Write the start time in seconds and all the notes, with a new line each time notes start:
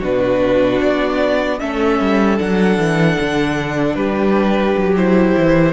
0.00 B2 D4 F#4 B4
0.82 B3 D5
1.60 A3 C#4 A4 E5
2.00 G3
2.38 F#3 D4 F#5
2.78 E3
3.20 D3
3.95 G3 G4 B4
4.77 F#3
4.96 E4 C5
5.37 E3